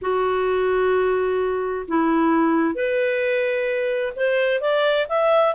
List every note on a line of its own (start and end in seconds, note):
0.01 1.86 F#4
1.88 2.74 E4
2.74 4.13 B4
4.16 4.60 C5
4.60 5.06 D5
5.09 5.54 E5